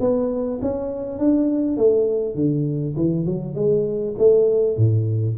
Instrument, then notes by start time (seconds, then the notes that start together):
tuba
0.00 B3
0.62 C#4
1.18 D4
1.77 A3
2.35 D3
2.96 E3
3.26 F#3
3.55 G#3
4.18 A3
4.77 A2